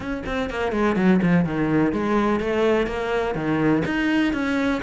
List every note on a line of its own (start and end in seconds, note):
0.00 0.23 C#4
0.25 0.49 C4
0.49 0.72 A#3
0.72 0.96 G#3
0.96 1.20 F#3
1.22 1.44 F3
1.44 1.92 D#3
1.92 2.40 G#3
2.40 2.87 A3
2.87 3.35 A#3
3.35 3.83 D#3
3.85 4.33 D#4
4.33 4.81 C#4